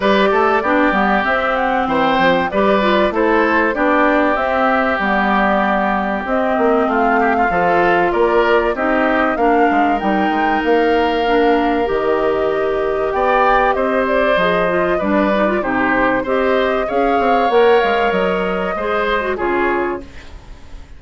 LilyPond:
<<
  \new Staff \with { instrumentName = "flute" } { \time 4/4 \tempo 4 = 96 d''2 e''8 fis''8 g''4 | d''4 c''4 d''4 e''4 | d''2 dis''4 f''4~ | f''4 d''4 dis''4 f''4 |
g''4 f''2 dis''4~ | dis''4 g''4 dis''8 d''8 dis''4 | d''4 c''4 dis''4 f''4 | fis''8 f''8 dis''2 cis''4 | }
  \new Staff \with { instrumentName = "oboe" } { \time 4/4 b'8 a'8 g'2 c''4 | b'4 a'4 g'2~ | g'2. f'8 g'16 f'16 | a'4 ais'4 g'4 ais'4~ |
ais'1~ | ais'4 d''4 c''2 | b'4 g'4 c''4 cis''4~ | cis''2 c''4 gis'4 | }
  \new Staff \with { instrumentName = "clarinet" } { \time 4/4 g'4 d'8 b8 c'2 | g'8 f'8 e'4 d'4 c'4 | b2 c'2 | f'2 dis'4 d'4 |
dis'2 d'4 g'4~ | g'2. gis'8 f'8 | d'8 dis'16 f'16 dis'4 g'4 gis'4 | ais'2 gis'8. fis'16 f'4 | }
  \new Staff \with { instrumentName = "bassoon" } { \time 4/4 g8 a8 b8 g8 c'4 e8 f8 | g4 a4 b4 c'4 | g2 c'8 ais8 a4 | f4 ais4 c'4 ais8 gis8 |
g8 gis8 ais2 dis4~ | dis4 b4 c'4 f4 | g4 c4 c'4 cis'8 c'8 | ais8 gis8 fis4 gis4 cis4 | }
>>